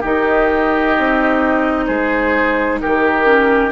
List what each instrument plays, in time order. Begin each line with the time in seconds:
0.00 bassoon D#3, clarinet D#4, oboe G4, flute D#5
0.98 bassoon C4
1.87 bassoon G#3, oboe G#4, flute C5
2.81 bassoon D#3, oboe G4, flute A#4
3.25 clarinet C#4